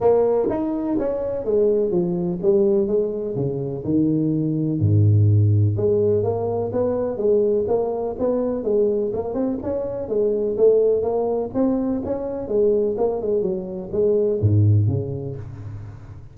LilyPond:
\new Staff \with { instrumentName = "tuba" } { \time 4/4 \tempo 4 = 125 ais4 dis'4 cis'4 gis4 | f4 g4 gis4 cis4 | dis2 gis,2 | gis4 ais4 b4 gis4 |
ais4 b4 gis4 ais8 c'8 | cis'4 gis4 a4 ais4 | c'4 cis'4 gis4 ais8 gis8 | fis4 gis4 gis,4 cis4 | }